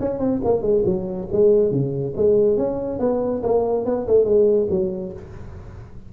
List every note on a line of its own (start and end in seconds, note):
0.00 0.19 C#4
0.19 0.40 C4
0.44 0.62 A#3
0.62 0.83 G#3
0.85 1.28 F#3
1.32 1.71 G#3
1.71 2.14 C#3
2.16 2.57 G#3
2.57 2.99 C#4
2.99 3.42 B3
3.43 3.85 A#3
3.85 4.07 B3
4.07 4.25 A3
4.25 4.67 G#3
4.70 5.13 F#3